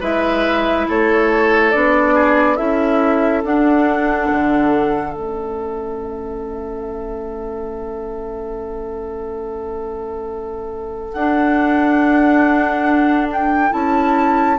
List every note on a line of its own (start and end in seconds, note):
0.00 0.86 G#3
0.00 1.73 E4
0.00 0.86 B4
0.00 0.89 E5
0.88 1.75 A3
0.88 2.14 A4
0.88 1.71 C#5
1.71 2.59 B3
1.71 2.57 D4
1.71 2.56 D5
2.14 2.57 G#4
2.56 3.44 C#4
2.56 3.43 E4
2.56 14.57 A4
2.56 3.42 E5
3.44 4.29 D4
3.44 5.12 D4
3.44 5.14 F#5
4.32 5.16 D3
5.12 11.14 A3
5.12 11.12 C#4
5.12 11.12 E5
11.12 13.71 D4
11.12 13.70 D4
11.12 13.27 F#5
13.32 13.72 G5
13.70 14.59 C#4
13.70 14.56 E4
13.70 14.58 A5